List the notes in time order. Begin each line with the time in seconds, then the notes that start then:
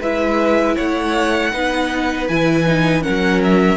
0.00 G#3 E4 B4 E5
0.76 A3 C#5 F#5
1.53 B3 D#4 B4
2.29 E3 E4 G#5
2.67 D#4
3.02 C#4 A#4 F#5
3.09 F#3
3.44 E5